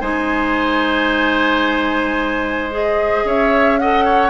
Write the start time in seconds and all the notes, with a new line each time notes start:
0.00 G#3 D#4 C5 G#5
2.71 G#4 D#5
3.24 C#4 C#5 E5
3.78 A4 D#5 F#5
4.05 C#5